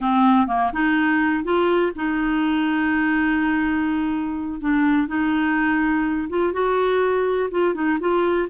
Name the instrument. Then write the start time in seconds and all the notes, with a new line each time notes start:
clarinet
0.00 C4
0.47 A#3
0.73 D#4
1.43 F4
1.95 D#4
4.60 D4
5.07 D#4
6.29 F4
6.52 F#4
7.50 F4
7.74 D#4
8.00 F4